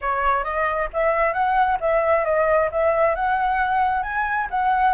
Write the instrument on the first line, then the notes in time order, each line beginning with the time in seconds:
flute
0.01 C#5
0.44 D#5
0.93 E5
1.33 F#5
1.80 E5
2.24 D#5
2.71 E5
3.15 F#5
4.02 G#5
4.50 F#5